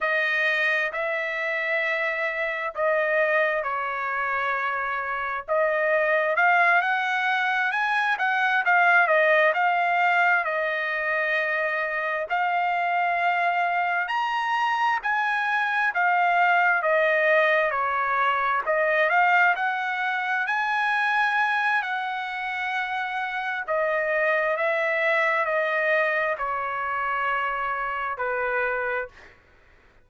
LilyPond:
\new Staff \with { instrumentName = "trumpet" } { \time 4/4 \tempo 4 = 66 dis''4 e''2 dis''4 | cis''2 dis''4 f''8 fis''8~ | fis''8 gis''8 fis''8 f''8 dis''8 f''4 dis''8~ | dis''4. f''2 ais''8~ |
ais''8 gis''4 f''4 dis''4 cis''8~ | cis''8 dis''8 f''8 fis''4 gis''4. | fis''2 dis''4 e''4 | dis''4 cis''2 b'4 | }